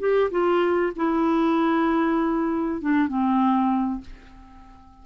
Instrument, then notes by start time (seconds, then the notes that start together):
clarinet
0.00 G4
0.31 F4
0.96 E4
2.82 D4
3.08 C4